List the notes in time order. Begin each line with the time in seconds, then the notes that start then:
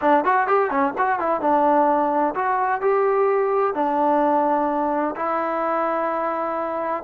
0.01 D4
0.24 F#4
0.47 G4
0.70 C#4
0.98 F#4
1.19 E4
1.40 D4
2.35 F#4
2.81 G4
3.74 D4
5.16 E4